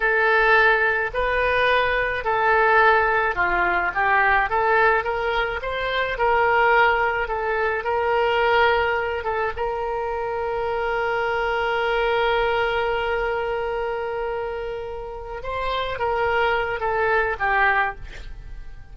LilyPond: \new Staff \with { instrumentName = "oboe" } { \time 4/4 \tempo 4 = 107 a'2 b'2 | a'2 f'4 g'4 | a'4 ais'4 c''4 ais'4~ | ais'4 a'4 ais'2~ |
ais'8 a'8 ais'2.~ | ais'1~ | ais'2.~ ais'8 c''8~ | c''8 ais'4. a'4 g'4 | }